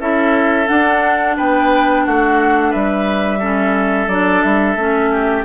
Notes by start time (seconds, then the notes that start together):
0.00 C#4 E4 A4 E5
0.67 D4 F#5
1.37 B3 B4 G5
2.05 A3 F#4 F#5
2.71 G3 B4 E5
3.40 C#4 A4
4.08 F#3 D4 D5
4.43 G3 E5
4.76 A3 C#4
5.12 G4